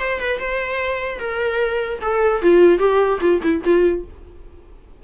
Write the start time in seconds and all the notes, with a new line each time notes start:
0.00 C5
0.20 B4
0.39 C5
1.20 A#4
2.02 A4
2.42 F4
2.79 G4
3.21 F4
3.43 E4
3.65 F4